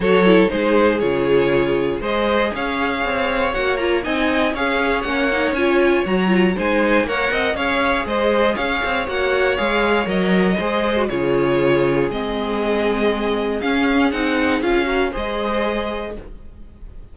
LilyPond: <<
  \new Staff \with { instrumentName = "violin" } { \time 4/4 \tempo 4 = 119 cis''4 c''4 cis''2 | dis''4 f''2 fis''8 ais''8 | gis''4 f''4 fis''4 gis''4 | ais''4 gis''4 fis''4 f''4 |
dis''4 f''4 fis''4 f''4 | dis''2 cis''2 | dis''2. f''4 | fis''4 f''4 dis''2 | }
  \new Staff \with { instrumentName = "violin" } { \time 4/4 a'4 gis'2. | c''4 cis''2. | dis''4 cis''2.~ | cis''4 c''4 cis''8 dis''8 cis''4 |
c''4 cis''2.~ | cis''4 c''4 gis'2~ | gis'1~ | gis'4. ais'8 c''2 | }
  \new Staff \with { instrumentName = "viola" } { \time 4/4 fis'8 e'8 dis'4 f'2 | gis'2. fis'8 f'8 | dis'4 gis'4 cis'8 dis'8 f'4 | fis'8 f'8 dis'4 ais'4 gis'4~ |
gis'2 fis'4 gis'4 | ais'4 gis'8. fis'16 f'2 | c'2. cis'4 | dis'4 f'8 fis'8 gis'2 | }
  \new Staff \with { instrumentName = "cello" } { \time 4/4 fis4 gis4 cis2 | gis4 cis'4 c'4 ais4 | c'4 cis'4 ais4 cis'4 | fis4 gis4 ais8 c'8 cis'4 |
gis4 cis'8 c'8 ais4 gis4 | fis4 gis4 cis2 | gis2. cis'4 | c'4 cis'4 gis2 | }
>>